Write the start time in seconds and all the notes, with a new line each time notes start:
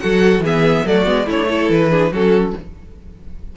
0.00 F#3 F#4 A4 F#5
0.40 E3 B3 G#4
0.46 E5
0.85 F#3 A3 F#4 D5
1.05 G#3 B3
1.27 A3 C#4 E4 C#5
1.36 D4
1.49 E4 A4
1.70 E3 B4
1.91 D4 G#4
2.11 F#3 C#4 F#4 A4